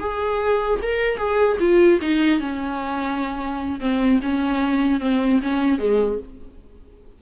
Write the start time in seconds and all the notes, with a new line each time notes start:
0.00 G#4
0.83 A#4
1.18 G#4
1.60 F4
2.02 D#4
2.40 C#4
3.81 C4
4.23 C#4
5.00 C4
5.43 C#4
5.79 G#3